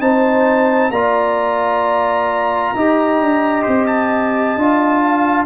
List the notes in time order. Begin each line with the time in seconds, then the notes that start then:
0.00 C4 D#4 C5 A5
0.90 A#3 F4 D5 A#5
2.74 D#4 G4 D#5
3.20 D4
3.62 C4 C5
3.86 A5
4.56 D4 F4
5.03 F5